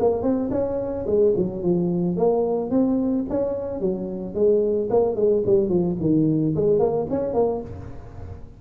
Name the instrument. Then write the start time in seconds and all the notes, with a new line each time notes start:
tuba
0.00 A#3
0.23 C4
0.51 C#4
1.07 G#3
1.37 F#3
1.63 F3
2.17 A#3
2.71 C4
3.30 C#4
3.81 F#3
4.35 G#3
4.90 A#3
5.16 G#3
5.46 G3
5.69 F3
6.00 D#3
6.56 G#3
6.79 A#3
7.10 C#4
7.34 A#3